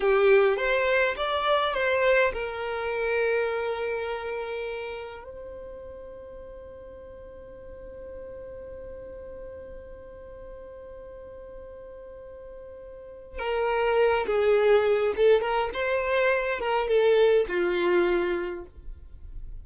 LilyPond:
\new Staff \with { instrumentName = "violin" } { \time 4/4 \tempo 4 = 103 g'4 c''4 d''4 c''4 | ais'1~ | ais'4 c''2.~ | c''1~ |
c''1~ | c''2. ais'4~ | ais'8 gis'4. a'8 ais'8 c''4~ | c''8 ais'8 a'4 f'2 | }